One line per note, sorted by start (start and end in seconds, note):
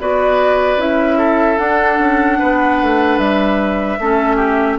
0.00 0.77 B3
0.00 0.79 F#4
0.00 1.18 B4
0.00 0.81 D5
0.77 1.57 C#4
0.77 1.58 E4
0.77 1.59 E5
1.18 2.38 A4
1.58 3.98 D4
1.58 1.99 D4
1.58 3.19 F#5
1.99 2.39 C#4
2.39 2.83 B3
2.39 3.99 B4
2.83 3.19 A3
3.19 3.99 G3
3.19 4.79 E5
3.99 4.79 A3
3.99 4.79 C#4
3.99 4.37 A4
4.37 4.77 G4